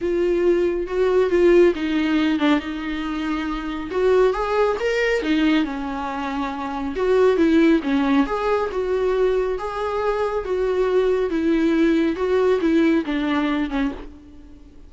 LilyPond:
\new Staff \with { instrumentName = "viola" } { \time 4/4 \tempo 4 = 138 f'2 fis'4 f'4 | dis'4. d'8 dis'2~ | dis'4 fis'4 gis'4 ais'4 | dis'4 cis'2. |
fis'4 e'4 cis'4 gis'4 | fis'2 gis'2 | fis'2 e'2 | fis'4 e'4 d'4. cis'8 | }